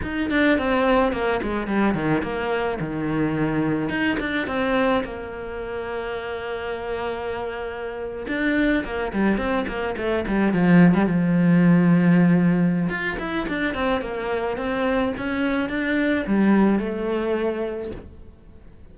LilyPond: \new Staff \with { instrumentName = "cello" } { \time 4/4 \tempo 4 = 107 dis'8 d'8 c'4 ais8 gis8 g8 dis8 | ais4 dis2 dis'8 d'8 | c'4 ais2.~ | ais2~ ais8. d'4 ais16~ |
ais16 g8 c'8 ais8 a8 g8 f8. g16 f16~ | f2. f'8 e'8 | d'8 c'8 ais4 c'4 cis'4 | d'4 g4 a2 | }